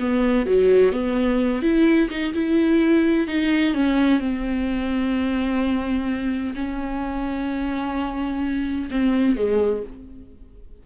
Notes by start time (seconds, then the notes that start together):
0.00 B3
0.46 F#3
0.92 B3
1.62 E4
2.10 D#4
2.34 E4
3.27 D#4
3.74 C#4
4.20 C4
6.55 C#4
8.91 C4
9.36 G#3